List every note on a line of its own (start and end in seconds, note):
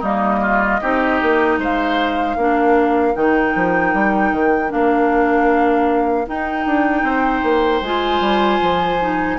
0.00 0.80 G3
0.00 0.81 A#3
0.00 0.39 D#4
0.00 1.60 D#5
0.41 0.80 F4
0.81 1.21 C4
0.81 2.37 D#4
0.81 1.59 G4
1.22 1.58 A#3
1.58 2.36 G#3
1.58 2.36 C5
1.58 3.15 F5
2.36 3.14 A#3
2.36 3.14 D4
2.36 7.04 A#4
3.14 3.55 D#3
3.14 4.69 D#4
3.14 4.71 G5
3.55 3.94 F3
3.94 4.31 G3
4.31 4.70 D#3
4.69 6.28 A#3
4.69 6.24 D4
4.69 6.27 F5
6.26 7.82 D#4
6.26 6.66 D#4
6.26 7.84 G5
6.66 7.03 D4
7.03 7.42 C4
7.03 9.38 C5
7.43 7.81 A#3
7.81 8.20 G#3
7.81 9.00 F4
7.81 9.39 G#5
8.20 8.59 G3
8.62 9.39 F3
9.00 9.39 D#4